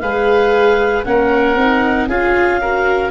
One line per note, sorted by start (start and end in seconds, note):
0.00 1.06 G#3
0.00 1.06 G#4
0.00 1.06 B4
0.00 1.03 F5
1.05 1.56 A#3
1.05 1.57 C#4
1.05 2.09 A#4
1.05 2.08 F#5
1.56 2.07 C4
1.56 2.10 D#4
2.08 3.11 C#4
2.08 2.62 F4
2.08 2.61 G#4
2.08 3.11 F5
2.61 3.11 F#4
2.61 3.11 A#4